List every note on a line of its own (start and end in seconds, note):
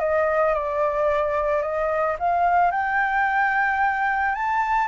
0.00 0.54 D#5
0.54 1.62 D5
1.62 2.16 D#5
2.19 2.71 F5
2.71 4.35 G5
4.35 4.88 A5